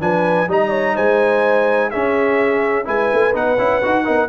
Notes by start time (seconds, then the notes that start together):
0.00 F3 D4 B4 G#5
0.48 G3 D#4 D#5 A#5
0.70 C#5
0.96 G#3 C5 G#5
1.90 C#4 G#4 E5
2.85 G#3 E4 B4 G#5
3.13 A3
3.33 B3 D#4 F#5
3.58 C#4 E4
3.82 D#4 F#4
4.05 B3 D#4 A#4